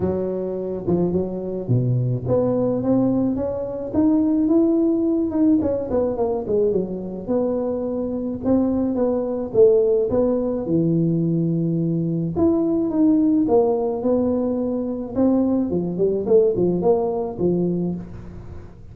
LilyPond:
\new Staff \with { instrumentName = "tuba" } { \time 4/4 \tempo 4 = 107 fis4. f8 fis4 b,4 | b4 c'4 cis'4 dis'4 | e'4. dis'8 cis'8 b8 ais8 gis8 | fis4 b2 c'4 |
b4 a4 b4 e4~ | e2 e'4 dis'4 | ais4 b2 c'4 | f8 g8 a8 f8 ais4 f4 | }